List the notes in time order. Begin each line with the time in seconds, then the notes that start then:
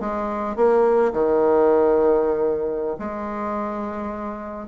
0.00 G#3
0.56 A#3
1.13 D#3
2.99 G#3